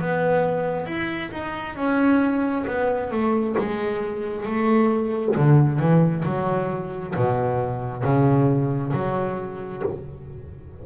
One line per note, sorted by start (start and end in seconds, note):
0.00 0.85 B3
0.85 1.30 E4
1.31 1.75 D#4
1.75 2.65 C#4
2.66 3.11 B3
3.11 3.55 A3
3.58 4.45 G#3
4.45 5.35 A3
5.36 5.78 D3
5.78 6.23 E3
6.24 7.14 F#3
7.16 8.03 B2
8.03 8.92 C#3
8.93 9.82 F#3